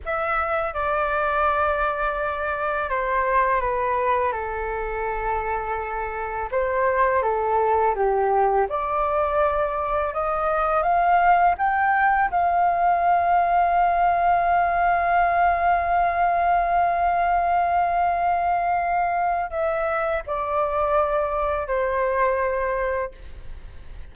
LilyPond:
\new Staff \with { instrumentName = "flute" } { \time 4/4 \tempo 4 = 83 e''4 d''2. | c''4 b'4 a'2~ | a'4 c''4 a'4 g'4 | d''2 dis''4 f''4 |
g''4 f''2.~ | f''1~ | f''2. e''4 | d''2 c''2 | }